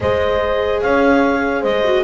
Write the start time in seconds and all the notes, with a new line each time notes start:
0.00 G#3 G#4 C5 D#5
0.81 C#4 C#5 F5
1.61 G#3 C5 D#5
1.84 F#4